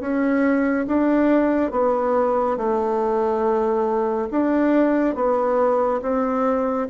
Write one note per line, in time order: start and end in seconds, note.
0.00 0.86 C#4
0.86 1.71 D4
1.71 2.57 B3
2.57 4.29 A3
4.31 5.15 D4
5.15 6.00 B3
6.02 6.87 C4